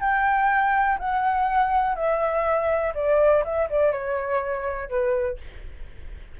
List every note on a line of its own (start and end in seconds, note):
0.00 0.98 G5
0.98 1.95 F#5
1.95 2.93 E5
2.94 3.43 D5
3.44 3.69 E5
3.70 3.92 D5
3.92 4.89 C#5
4.89 5.37 B4